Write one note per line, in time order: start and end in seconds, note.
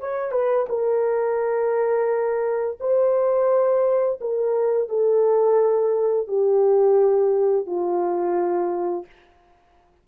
0.00 0.32 C#5
0.32 0.67 B4
0.69 2.78 A#4
2.80 4.20 C5
4.21 4.89 A#4
4.89 6.28 A4
6.28 7.66 G4
7.66 9.06 F4